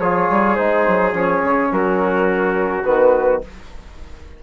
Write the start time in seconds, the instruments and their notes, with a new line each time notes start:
0.00 bassoon F3, trombone F4, trumpet G#4, flute C#5
0.30 bassoon G3
0.56 bassoon G#3, trombone D#4, flute C5
0.88 bassoon F#3
1.13 bassoon F3, trombone C#4, flute C#5
1.44 bassoon C#3
1.72 bassoon F#3, trumpet F#4, flute A#4
2.85 bassoon D#3, trombone B3, flute B4